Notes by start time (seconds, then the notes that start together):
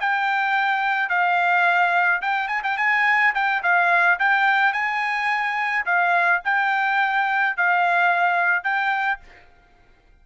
0.00 G5
1.09 F5
2.21 G5
2.48 G#5
2.63 G5
2.77 G#5
3.34 G5
3.63 F5
4.19 G5
4.73 G#5
5.86 F5
6.44 G5
7.56 F5
8.63 G5